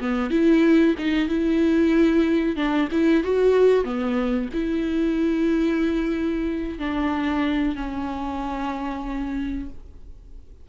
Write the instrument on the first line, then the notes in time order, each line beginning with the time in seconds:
viola
0.00 B3
0.31 E4
0.99 D#4
1.28 E4
2.56 D4
2.92 E4
3.24 F#4
3.84 B3
4.53 E4
6.79 D4
7.76 C#4